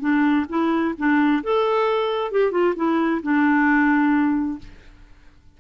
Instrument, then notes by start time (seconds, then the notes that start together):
clarinet
0.00 D4
0.49 E4
0.98 D4
1.43 A4
2.31 G4
2.51 F4
2.76 E4
3.22 D4